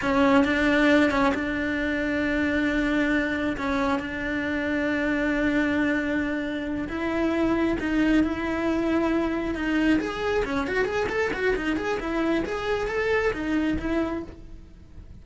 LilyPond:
\new Staff \with { instrumentName = "cello" } { \time 4/4 \tempo 4 = 135 cis'4 d'4. cis'8 d'4~ | d'1 | cis'4 d'2.~ | d'2.~ d'8 e'8~ |
e'4. dis'4 e'4.~ | e'4. dis'4 gis'4 cis'8 | fis'8 gis'8 a'8 fis'8 dis'8 gis'8 e'4 | gis'4 a'4 dis'4 e'4 | }